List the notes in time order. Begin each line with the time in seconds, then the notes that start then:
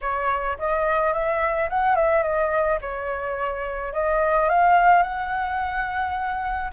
0.01 C#5
0.58 D#5
1.13 E5
1.69 F#5
1.95 E5
2.22 D#5
2.81 C#5
3.93 D#5
4.49 F5
5.02 F#5